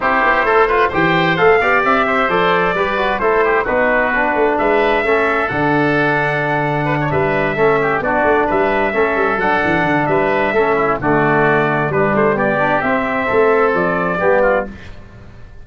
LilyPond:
<<
  \new Staff \with { instrumentName = "trumpet" } { \time 4/4 \tempo 4 = 131 c''2 g''4 f''4 | e''4 d''2 c''4 | b'2 e''2 | fis''2.~ fis''8 e''8~ |
e''4. d''4 e''4.~ | e''8 fis''4. e''2 | d''2 b'8 c''8 d''4 | e''2 d''2 | }
  \new Staff \with { instrumentName = "oboe" } { \time 4/4 g'4 a'8 b'8 c''4. d''8~ | d''8 c''4. b'4 a'8 g'8 | fis'2 b'4 a'4~ | a'2. b'16 cis''16 b'8~ |
b'8 a'8 g'8 fis'4 b'4 a'8~ | a'2 b'4 a'8 e'8 | fis'2 d'4 g'4~ | g'4 a'2 g'8 f'8 | }
  \new Staff \with { instrumentName = "trombone" } { \time 4/4 e'4. f'8 g'4 a'8 g'8~ | g'4 a'4 g'8 fis'8 e'4 | dis'4 d'2 cis'4 | d'1~ |
d'8 cis'4 d'2 cis'8~ | cis'8 d'2~ d'8 cis'4 | a2 g4. d'8 | c'2. b4 | }
  \new Staff \with { instrumentName = "tuba" } { \time 4/4 c'8 b8 a4 e4 a8 b8 | c'4 f4 g4 a4 | b4. a8 gis4 a4 | d2.~ d8 g8~ |
g8 a4 b8 a8 g4 a8 | g8 fis8 e8 d8 g4 a4 | d2 g8 a8 b4 | c'4 a4 f4 g4 | }
>>